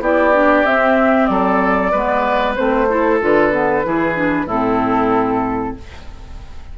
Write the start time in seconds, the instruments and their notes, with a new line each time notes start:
0.00 bassoon B3, clarinet E4, oboe G4, flute D5
0.34 clarinet D4
0.66 clarinet C4, bassoon C4, flute E5
1.26 bassoon F#3, oboe A4, flute D5
1.92 bassoon G#3, clarinet B3, oboe B4
2.56 bassoon A3, clarinet C4, flute C5
2.90 clarinet E4, oboe A4
3.21 bassoon D3, clarinet F4, flute B4
3.52 clarinet B3
3.84 bassoon E3, clarinet E4, oboe G#4
4.15 clarinet D4
4.46 bassoon A2, clarinet C4, oboe E4, flute A4